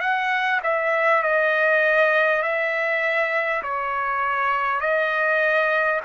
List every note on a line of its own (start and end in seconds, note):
0.00 0.60 F#5
0.63 1.22 E5
1.22 2.42 D#5
2.42 3.62 E5
3.63 4.80 C#5
4.80 6.00 D#5